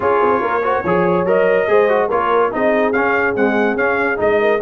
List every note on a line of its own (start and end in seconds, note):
0.00 0.21 C#4
0.00 0.62 F4
0.00 0.41 G#4
0.00 1.27 C#5
0.22 0.40 C4
0.40 0.82 A#3
0.40 0.62 A#4
0.63 0.84 F#4
0.63 0.82 C5
0.82 1.25 F3
0.82 1.26 G#4
0.82 1.66 C#5
1.25 1.67 F#3
1.25 1.68 A#4
1.25 2.09 D#5
1.68 2.10 G#3
1.68 1.88 G#4
1.68 2.08 C5
1.88 2.09 F#4
2.08 2.52 A#3
2.08 2.51 F4
2.08 2.50 A#4
2.08 2.51 C#5
2.51 2.92 C4
2.51 2.93 D#4
2.51 4.40 G#4
2.51 2.92 D#5
2.92 3.34 C#4
2.92 3.36 C#4
2.92 3.34 F5
3.35 3.77 G#3
3.35 3.76 C4
3.35 3.77 F#5
3.76 4.17 C#4
3.76 4.16 C#4
3.76 4.19 F5
4.16 4.61 G#3
4.16 4.58 D#4
4.16 4.61 D#5
4.40 4.61 A#4